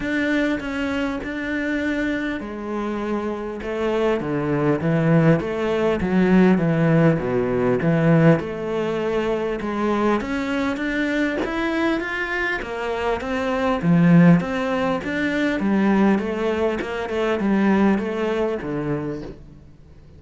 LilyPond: \new Staff \with { instrumentName = "cello" } { \time 4/4 \tempo 4 = 100 d'4 cis'4 d'2 | gis2 a4 d4 | e4 a4 fis4 e4 | b,4 e4 a2 |
gis4 cis'4 d'4 e'4 | f'4 ais4 c'4 f4 | c'4 d'4 g4 a4 | ais8 a8 g4 a4 d4 | }